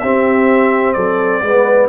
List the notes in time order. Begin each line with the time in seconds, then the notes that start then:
0.00 C4 G4 E5
0.94 F#3 A4 D5
1.43 G#3 B3 B4